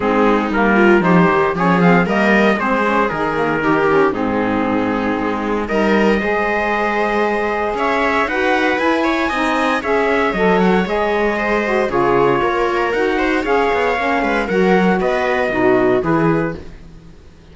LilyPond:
<<
  \new Staff \with { instrumentName = "trumpet" } { \time 4/4 \tempo 4 = 116 gis'4 ais'4 c''4 cis''8 f''8 | dis''4 c''4 ais'2 | gis'2. dis''4~ | dis''2. e''4 |
fis''4 gis''2 e''4 | dis''8 fis''8 dis''2 cis''4~ | cis''4 fis''4 f''2 | fis''4 dis''2 b'4 | }
  \new Staff \with { instrumentName = "viola" } { \time 4/4 dis'4. f'8 g'4 gis'4 | ais'4 gis'2 g'4 | dis'2. ais'4 | c''2. cis''4 |
b'4. cis''8 dis''4 cis''4~ | cis''2 c''4 gis'4 | ais'4. c''8 cis''4. b'8 | ais'4 b'4 fis'4 gis'4 | }
  \new Staff \with { instrumentName = "saxophone" } { \time 4/4 c'4 ais4 dis'4 cis'8 c'8 | ais4 c'8 cis'8 dis'8 ais8 dis'8 cis'8 | c'2. dis'4 | gis'1 |
fis'4 e'4 dis'4 gis'4 | a'4 gis'4. fis'8 f'4~ | f'4 fis'4 gis'4 cis'4 | fis'2 dis'4 e'4 | }
  \new Staff \with { instrumentName = "cello" } { \time 4/4 gis4 g4 f8 dis8 f4 | g4 gis4 dis2 | gis,2 gis4 g4 | gis2. cis'4 |
dis'4 e'4 c'4 cis'4 | fis4 gis2 cis4 | ais4 dis'4 cis'8 b8 ais8 gis8 | fis4 b4 b,4 e4 | }
>>